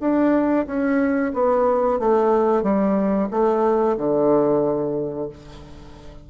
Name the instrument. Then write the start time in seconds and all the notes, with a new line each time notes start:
bassoon
0.00 D4
0.67 C#4
1.34 B3
1.99 A3
2.63 G3
3.31 A3
3.97 D3